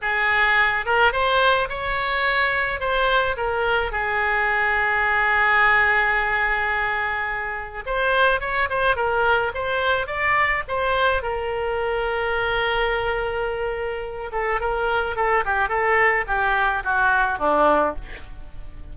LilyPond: \new Staff \with { instrumentName = "oboe" } { \time 4/4 \tempo 4 = 107 gis'4. ais'8 c''4 cis''4~ | cis''4 c''4 ais'4 gis'4~ | gis'1~ | gis'2 c''4 cis''8 c''8 |
ais'4 c''4 d''4 c''4 | ais'1~ | ais'4. a'8 ais'4 a'8 g'8 | a'4 g'4 fis'4 d'4 | }